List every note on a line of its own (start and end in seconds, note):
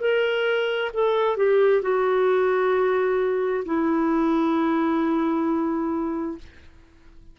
0.00 0.91 A#4
0.93 1.37 A4
1.37 1.82 G4
1.82 3.64 F#4
3.65 6.38 E4